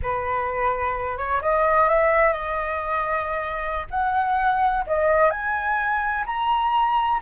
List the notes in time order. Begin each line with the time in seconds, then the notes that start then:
0.02 B4
1.17 C#5
1.41 D#5
1.88 E5
2.33 D#5
3.90 F#5
4.86 D#5
5.30 G#5
6.26 A#5